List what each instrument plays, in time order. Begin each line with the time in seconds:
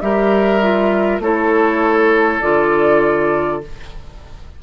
0.00 bassoon G3, clarinet G4, oboe A#4, flute E5
0.61 clarinet F4
1.19 bassoon A3, clarinet E4, oboe A4, flute C#5
2.40 bassoon D3, clarinet F4, flute D5